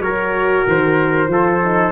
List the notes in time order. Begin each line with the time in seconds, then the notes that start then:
0.00 F#3 F#4 A#4 C#5
0.67 D#3 C5
1.27 F3 F4 A4
1.63 D#4